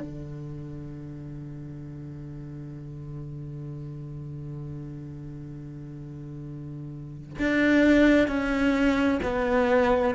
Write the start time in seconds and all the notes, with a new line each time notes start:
0.00 D3
7.39 D4
8.28 C#4
9.23 B3